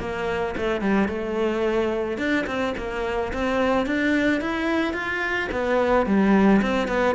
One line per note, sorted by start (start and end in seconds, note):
0.00 0.55 A#3
0.57 0.81 A3
0.81 1.08 G3
1.08 2.18 A3
2.18 2.46 D4
2.47 2.74 C4
2.78 3.33 A#3
3.33 3.87 C4
3.87 4.41 D4
4.41 4.94 E4
4.94 5.49 F4
5.52 6.06 B3
6.06 6.61 G3
6.62 6.88 C4
6.88 7.15 B3